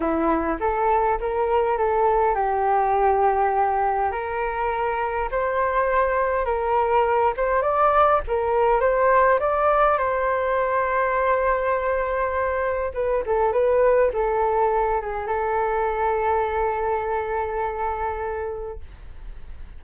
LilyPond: \new Staff \with { instrumentName = "flute" } { \time 4/4 \tempo 4 = 102 e'4 a'4 ais'4 a'4 | g'2. ais'4~ | ais'4 c''2 ais'4~ | ais'8 c''8 d''4 ais'4 c''4 |
d''4 c''2.~ | c''2 b'8 a'8 b'4 | a'4. gis'8 a'2~ | a'1 | }